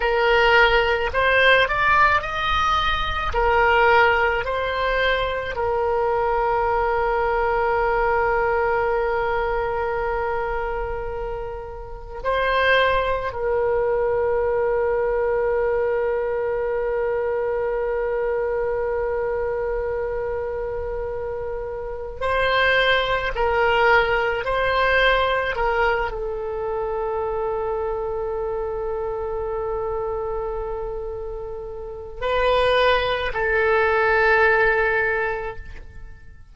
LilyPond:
\new Staff \with { instrumentName = "oboe" } { \time 4/4 \tempo 4 = 54 ais'4 c''8 d''8 dis''4 ais'4 | c''4 ais'2.~ | ais'2. c''4 | ais'1~ |
ais'1 | c''4 ais'4 c''4 ais'8 a'8~ | a'1~ | a'4 b'4 a'2 | }